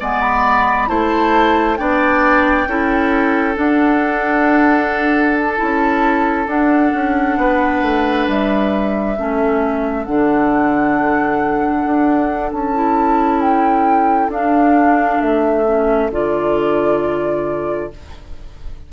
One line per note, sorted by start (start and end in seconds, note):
0.00 0.89 G#3
0.00 0.87 B3
0.00 0.89 D5
0.00 0.21 G#5
0.21 0.88 B5
0.87 1.79 A3
0.87 1.77 E4
0.87 1.79 C5
0.87 1.77 A5
1.77 2.67 B3
1.77 2.67 D4
1.77 2.68 D5
1.77 3.56 G5
2.67 3.56 C#4
2.67 3.54 E4
2.67 7.39 A4
3.54 5.56 D4
3.54 5.59 D4
3.54 5.38 F#5
5.38 6.49 A5
5.56 6.47 C#4
5.56 6.46 E4
6.47 6.92 D4
6.47 9.16 D4
6.47 8.29 F#5
6.94 7.37 C#4
7.37 7.82 B3
7.37 9.18 B4
7.82 8.27 A3
8.28 9.17 G3
8.28 10.04 E5
9.17 10.07 A3
9.17 10.06 C#4
9.17 17.91 A4
10.04 11.85 D3
10.04 12.74 D4
10.04 12.51 F#5
11.85 12.52 D4
12.52 14.29 C#4
12.52 13.41 A5
12.74 14.31 E4
13.41 14.31 G5
14.29 15.18 D4
14.29 15.65 D4
14.29 15.21 F5
15.21 16.11 A3
15.21 16.11 E5
15.65 16.10 C#4
16.11 17.90 D3
16.11 17.91 F4
16.11 17.93 D5